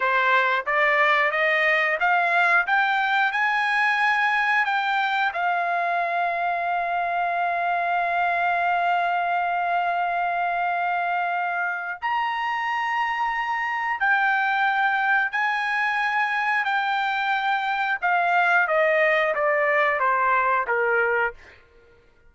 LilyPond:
\new Staff \with { instrumentName = "trumpet" } { \time 4/4 \tempo 4 = 90 c''4 d''4 dis''4 f''4 | g''4 gis''2 g''4 | f''1~ | f''1~ |
f''2 ais''2~ | ais''4 g''2 gis''4~ | gis''4 g''2 f''4 | dis''4 d''4 c''4 ais'4 | }